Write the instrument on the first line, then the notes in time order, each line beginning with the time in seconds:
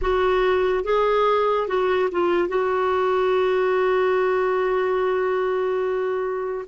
clarinet
0.01 F#4
0.84 G#4
1.67 F#4
2.11 F4
2.48 F#4